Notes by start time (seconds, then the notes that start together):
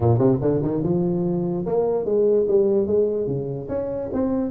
0.00 A#2
0.18 C3
0.41 D3
0.62 D#3
0.83 F3
1.66 A#3
2.05 G#3
2.48 G3
2.87 G#3
3.27 C#3
3.68 C#4
4.13 C4